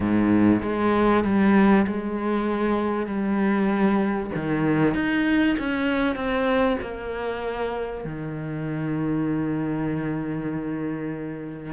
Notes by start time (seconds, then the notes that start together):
0.00 G#2
0.62 G#3
1.24 G3
1.86 G#3
3.06 G3
4.35 D#3
4.94 D#4
5.58 C#4
6.15 C4
6.81 A#3
8.04 D#3